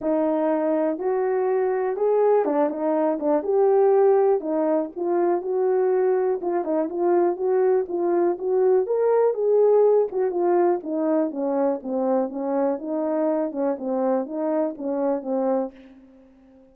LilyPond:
\new Staff \with { instrumentName = "horn" } { \time 4/4 \tempo 4 = 122 dis'2 fis'2 | gis'4 d'8 dis'4 d'8 g'4~ | g'4 dis'4 f'4 fis'4~ | fis'4 f'8 dis'8 f'4 fis'4 |
f'4 fis'4 ais'4 gis'4~ | gis'8 fis'8 f'4 dis'4 cis'4 | c'4 cis'4 dis'4. cis'8 | c'4 dis'4 cis'4 c'4 | }